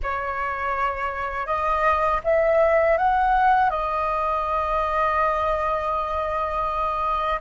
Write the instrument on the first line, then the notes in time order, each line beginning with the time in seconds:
flute
0.02 C#5
1.46 D#5
2.24 E5
2.97 F#5
3.69 D#5